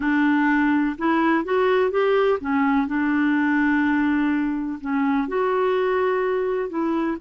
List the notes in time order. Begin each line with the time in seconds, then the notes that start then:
0.00 D4
0.98 E4
1.44 F#4
1.90 G4
2.40 C#4
2.87 D4
4.80 C#4
5.28 F#4
6.69 E4